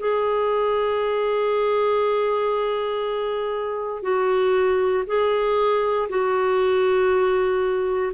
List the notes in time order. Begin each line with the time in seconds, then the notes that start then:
0.00 G#4
4.03 F#4
5.07 G#4
6.09 F#4